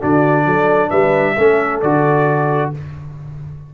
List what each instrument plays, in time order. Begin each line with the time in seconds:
0.00 tuba D3, trombone D4, horn F#4, trumpet D5
0.46 tuba F#3, horn A4
0.90 tuba G3, horn B4, trumpet E5
1.36 tuba A3, trombone C#4, horn A4
1.81 tuba D3, trombone F#4, trumpet D5